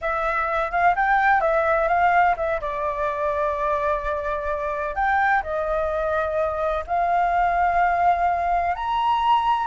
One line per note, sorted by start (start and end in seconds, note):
0.01 0.71 E5
0.71 0.94 F5
0.95 1.40 G5
1.40 1.87 E5
1.87 2.35 F5
2.36 2.60 E5
2.60 4.95 D5
4.95 5.42 G5
5.42 6.84 D#5
6.87 8.75 F5
8.75 9.67 A#5